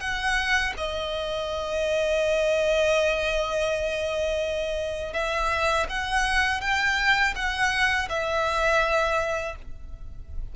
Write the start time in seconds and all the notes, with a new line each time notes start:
0.00 F#5
0.77 D#5
5.13 E5
5.89 F#5
6.61 G5
7.35 F#5
8.09 E5